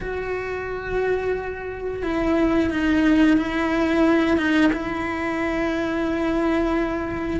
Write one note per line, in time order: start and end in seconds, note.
0.01 2.02 F#4
2.02 2.70 E4
2.70 3.37 D#4
3.37 4.37 E4
4.37 4.70 D#4
4.72 7.40 E4